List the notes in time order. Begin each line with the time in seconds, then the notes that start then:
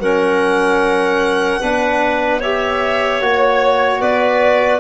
0.00 F#3 C#4 A#4 F#5
1.61 B3 D4 B4
2.41 G4 C#5 E5
3.21 A#3 F#4 C#5
4.01 B3 B4 D5